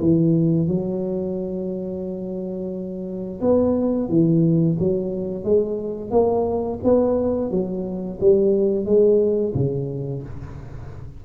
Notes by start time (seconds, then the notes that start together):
0.00 E3
0.68 F#3
3.41 B3
4.09 E3
4.79 F#3
5.44 G#3
6.11 A#3
6.84 B3
7.51 F#3
8.20 G3
8.85 G#3
9.54 C#3